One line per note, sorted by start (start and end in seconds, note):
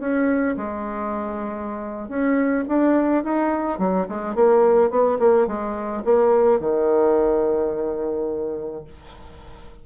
0.00 0.56 C#4
0.57 2.09 G#3
2.09 2.65 C#4
2.68 3.24 D4
3.24 3.79 D#4
3.79 4.07 F#3
4.09 4.35 G#3
4.35 4.90 A#3
4.90 5.18 B3
5.19 5.47 A#3
5.47 6.04 G#3
6.05 6.60 A#3
6.60 8.85 D#3